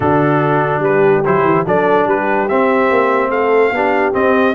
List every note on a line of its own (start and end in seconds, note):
0.00 0.79 D3
0.00 1.24 D4
0.00 0.83 F#4
0.00 0.82 A4
0.79 1.20 G3
0.79 1.24 B4
0.85 1.66 G4
1.25 1.44 F#3
1.25 1.66 E4
1.25 1.66 C5
1.44 1.65 E3
1.66 2.06 F#3
1.66 2.48 D4
1.66 2.06 A4
1.66 2.08 D5
2.06 2.47 G3
2.06 3.30 G4
2.06 2.48 B4
2.48 3.74 C4
2.48 2.90 C4
2.48 3.30 E5
2.90 3.29 A#3
3.29 3.70 A3
3.29 3.72 A4
3.29 4.13 F5
3.71 4.12 B3
3.71 4.12 D4
3.71 4.55 G4
4.12 4.54 C4
4.12 4.55 C4
4.12 4.55 D#5